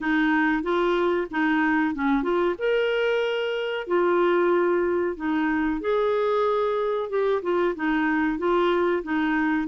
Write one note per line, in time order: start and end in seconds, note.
0.01 0.62 D#4
0.62 1.27 F4
1.30 1.94 D#4
1.94 2.23 C#4
2.23 2.55 F4
2.58 3.87 A#4
3.87 5.16 F4
5.16 5.80 D#4
5.80 7.09 G#4
7.09 7.42 G4
7.42 7.74 F4
7.75 8.38 D#4
8.38 9.03 F4
9.03 9.67 D#4